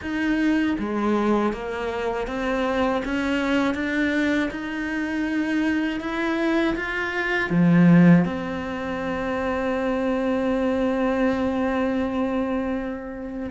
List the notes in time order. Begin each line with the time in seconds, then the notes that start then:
0.01 D#4
0.78 G#3
1.52 A#3
2.27 C4
3.04 C#4
3.74 D4
4.50 D#4
6.00 E4
6.75 F4
7.50 F3
8.24 C4